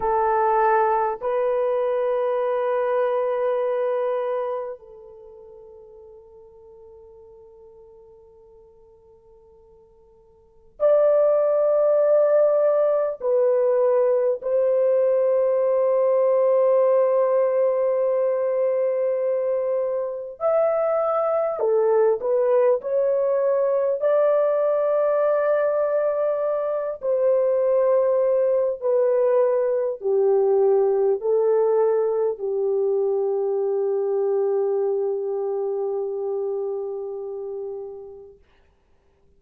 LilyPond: \new Staff \with { instrumentName = "horn" } { \time 4/4 \tempo 4 = 50 a'4 b'2. | a'1~ | a'4 d''2 b'4 | c''1~ |
c''4 e''4 a'8 b'8 cis''4 | d''2~ d''8 c''4. | b'4 g'4 a'4 g'4~ | g'1 | }